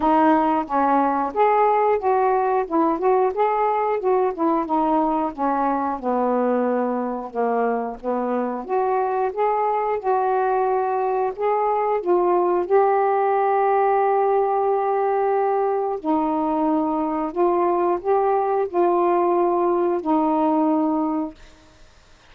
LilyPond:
\new Staff \with { instrumentName = "saxophone" } { \time 4/4 \tempo 4 = 90 dis'4 cis'4 gis'4 fis'4 | e'8 fis'8 gis'4 fis'8 e'8 dis'4 | cis'4 b2 ais4 | b4 fis'4 gis'4 fis'4~ |
fis'4 gis'4 f'4 g'4~ | g'1 | dis'2 f'4 g'4 | f'2 dis'2 | }